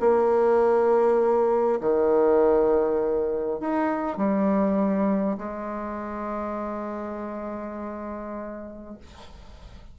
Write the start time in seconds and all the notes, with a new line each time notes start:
0.00 A#3
1.80 D#3
3.60 D#4
4.17 G3
5.38 G#3